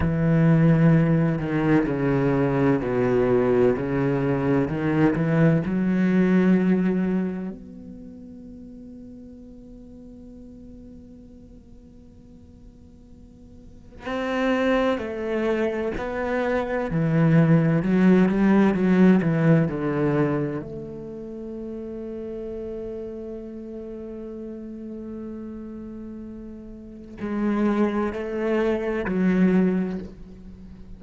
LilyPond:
\new Staff \with { instrumentName = "cello" } { \time 4/4 \tempo 4 = 64 e4. dis8 cis4 b,4 | cis4 dis8 e8 fis2 | b1~ | b2. c'4 |
a4 b4 e4 fis8 g8 | fis8 e8 d4 a2~ | a1~ | a4 gis4 a4 fis4 | }